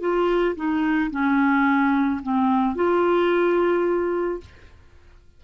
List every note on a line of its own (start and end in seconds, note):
0.00 0.55 F4
0.56 1.11 D#4
1.11 2.21 C#4
2.22 2.75 C4
2.75 4.40 F4